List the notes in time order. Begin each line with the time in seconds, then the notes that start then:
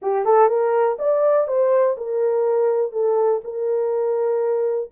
0.02 G4
0.25 A4
0.48 A#4
0.99 D5
1.47 C5
1.97 A#4
2.92 A4
3.43 A#4